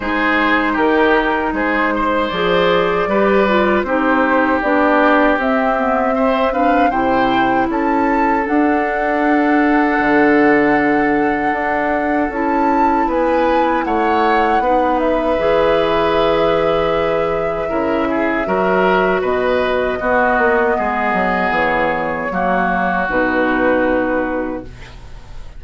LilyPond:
<<
  \new Staff \with { instrumentName = "flute" } { \time 4/4 \tempo 4 = 78 c''4 ais'4 c''4 d''4~ | d''4 c''4 d''4 e''4~ | e''8 f''8 g''4 a''4 fis''4~ | fis''1 |
a''4 gis''4 fis''4. e''8~ | e''1~ | e''4 dis''2. | cis''2 b'2 | }
  \new Staff \with { instrumentName = "oboe" } { \time 4/4 gis'4 g'4 gis'8 c''4. | b'4 g'2. | c''8 b'8 c''4 a'2~ | a'1~ |
a'4 b'4 cis''4 b'4~ | b'2. ais'8 gis'8 | ais'4 b'4 fis'4 gis'4~ | gis'4 fis'2. | }
  \new Staff \with { instrumentName = "clarinet" } { \time 4/4 dis'2. gis'4 | g'8 f'8 dis'4 d'4 c'8 b8 | c'8 d'8 e'2 d'4~ | d'1 |
e'2. dis'4 | gis'2. e'4 | fis'2 b2~ | b4 ais4 dis'2 | }
  \new Staff \with { instrumentName = "bassoon" } { \time 4/4 gis4 dis4 gis4 f4 | g4 c'4 b4 c'4~ | c'4 c4 cis'4 d'4~ | d'4 d2 d'4 |
cis'4 b4 a4 b4 | e2. cis4 | fis4 b,4 b8 ais8 gis8 fis8 | e4 fis4 b,2 | }
>>